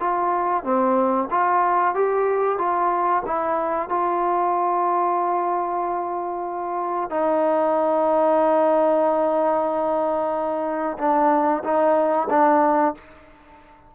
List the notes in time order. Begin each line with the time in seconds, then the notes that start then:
0.00 F4
0.64 C4
1.31 F4
1.95 G4
2.58 F4
3.26 E4
3.89 F4
7.10 D#4
10.99 D4
11.64 D#4
12.30 D4